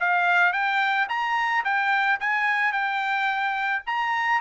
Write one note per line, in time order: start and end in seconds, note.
0.00 0.53 F5
0.53 1.08 G5
1.09 1.64 A#5
1.64 2.19 G5
2.20 2.72 G#5
2.72 3.82 G5
3.86 4.41 A#5